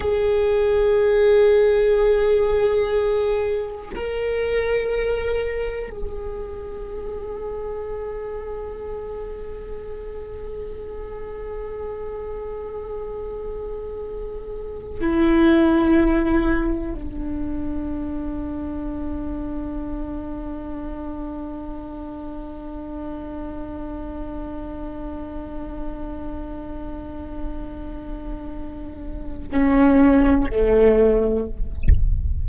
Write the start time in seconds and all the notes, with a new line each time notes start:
0.00 G#4
3.95 A#4
5.90 G#4
15.00 E4
16.94 D4
29.51 C#4
30.50 A3